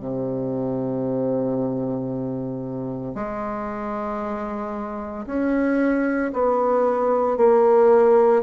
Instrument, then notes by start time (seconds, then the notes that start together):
bassoon
0.00 C3
3.15 G#3
5.27 C#4
6.33 B3
7.37 A#3